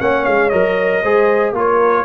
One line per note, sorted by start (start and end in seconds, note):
0.00 0.26 A#3
0.00 0.51 C#4
0.00 1.03 C#5
0.00 0.25 F#5
0.25 0.53 G#3
0.25 0.50 F5
0.50 1.04 F#3
0.50 1.03 A#4
0.50 1.52 D#5
1.03 1.53 G#3
1.03 1.55 G#4
1.03 1.54 C5
1.53 2.04 A#3
1.53 2.05 F4
1.53 2.05 A#4
1.53 2.05 C#5